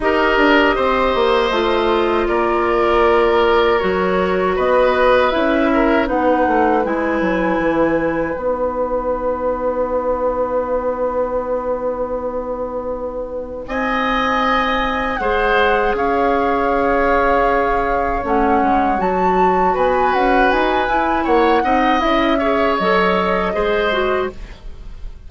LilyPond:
<<
  \new Staff \with { instrumentName = "flute" } { \time 4/4 \tempo 4 = 79 dis''2. d''4~ | d''4 cis''4 dis''4 e''4 | fis''4 gis''2 fis''4~ | fis''1~ |
fis''2 gis''2 | fis''4 f''2. | fis''4 a''4 gis''8 fis''8 gis''4 | fis''4 e''4 dis''2 | }
  \new Staff \with { instrumentName = "oboe" } { \time 4/4 ais'4 c''2 ais'4~ | ais'2 b'4. ais'8 | b'1~ | b'1~ |
b'2 dis''2 | c''4 cis''2.~ | cis''2 b'2 | cis''8 dis''4 cis''4. c''4 | }
  \new Staff \with { instrumentName = "clarinet" } { \time 4/4 g'2 f'2~ | f'4 fis'2 e'4 | dis'4 e'2 dis'4~ | dis'1~ |
dis'1 | gis'1 | cis'4 fis'2~ fis'8 e'8~ | e'8 dis'8 e'8 gis'8 a'4 gis'8 fis'8 | }
  \new Staff \with { instrumentName = "bassoon" } { \time 4/4 dis'8 d'8 c'8 ais8 a4 ais4~ | ais4 fis4 b4 cis'4 | b8 a8 gis8 fis8 e4 b4~ | b1~ |
b2 c'2 | gis4 cis'2. | a8 gis8 fis4 b8 cis'8 dis'8 e'8 | ais8 c'8 cis'4 fis4 gis4 | }
>>